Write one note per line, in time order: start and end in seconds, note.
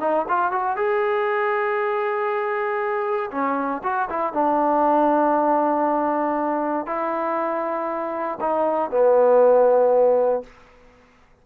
0.00 0.25 D#4
0.28 0.52 F4
0.52 0.76 F#4
0.76 3.31 G#4
3.31 3.82 C#4
3.83 4.09 F#4
4.09 4.33 E4
4.33 6.86 D4
6.86 8.39 E4
8.41 8.91 D#4
8.91 10.43 B3